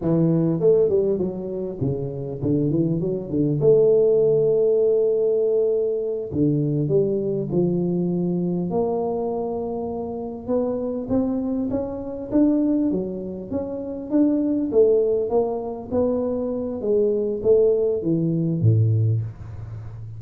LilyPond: \new Staff \with { instrumentName = "tuba" } { \time 4/4 \tempo 4 = 100 e4 a8 g8 fis4 cis4 | d8 e8 fis8 d8 a2~ | a2~ a8 d4 g8~ | g8 f2 ais4.~ |
ais4. b4 c'4 cis'8~ | cis'8 d'4 fis4 cis'4 d'8~ | d'8 a4 ais4 b4. | gis4 a4 e4 a,4 | }